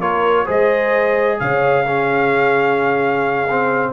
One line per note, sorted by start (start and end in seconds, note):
0.00 0.46 A#3
0.00 0.46 F4
0.00 0.45 A#4
0.00 0.47 C#5
0.45 1.40 G#3
0.45 1.84 G#4
0.45 1.37 C5
0.45 1.40 D#5
1.40 3.93 C#3
1.40 1.85 C#5
1.40 3.93 F5
1.85 3.48 C#4
1.85 3.93 G#4
3.50 3.93 C4